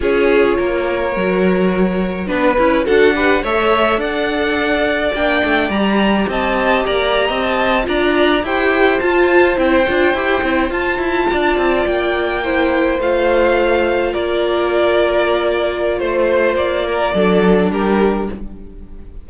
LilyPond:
<<
  \new Staff \with { instrumentName = "violin" } { \time 4/4 \tempo 4 = 105 cis''1 | b'4 fis''4 e''4 fis''4~ | fis''4 g''4 ais''4 a''4 | ais''4 a''8. ais''4 g''4 a''16~ |
a''8. g''2 a''4~ a''16~ | a''8. g''2 f''4~ f''16~ | f''8. d''2.~ d''16 | c''4 d''2 ais'4 | }
  \new Staff \with { instrumentName = "violin" } { \time 4/4 gis'4 ais'2. | b'4 a'8 b'8 cis''4 d''4~ | d''2. dis''4 | d''8. dis''4 d''4 c''4~ c''16~ |
c''2.~ c''8. d''16~ | d''4.~ d''16 c''2~ c''16~ | c''8. ais'2.~ ais'16 | c''4. ais'8 a'4 g'4 | }
  \new Staff \with { instrumentName = "viola" } { \time 4/4 f'2 fis'2 | d'8 e'8 fis'8 g'8 a'2~ | a'4 d'4 g'2~ | g'4.~ g'16 f'4 g'4 f'16~ |
f'8. e'8 f'8 g'8 e'8 f'4~ f'16~ | f'4.~ f'16 e'4 f'4~ f'16~ | f'1~ | f'2 d'2 | }
  \new Staff \with { instrumentName = "cello" } { \time 4/4 cis'4 ais4 fis2 | b8 cis'8 d'4 a4 d'4~ | d'4 ais8 a8 g4 c'4 | ais8. c'4 d'4 e'4 f'16~ |
f'8. c'8 d'8 e'8 c'8 f'8 e'8 d'16~ | d'16 c'8 ais2 a4~ a16~ | a8. ais2.~ ais16 | a4 ais4 fis4 g4 | }
>>